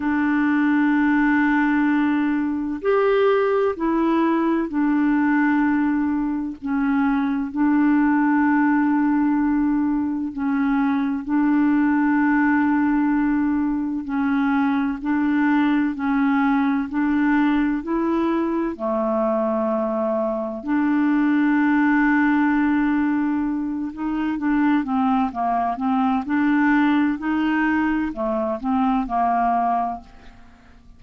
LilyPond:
\new Staff \with { instrumentName = "clarinet" } { \time 4/4 \tempo 4 = 64 d'2. g'4 | e'4 d'2 cis'4 | d'2. cis'4 | d'2. cis'4 |
d'4 cis'4 d'4 e'4 | a2 d'2~ | d'4. dis'8 d'8 c'8 ais8 c'8 | d'4 dis'4 a8 c'8 ais4 | }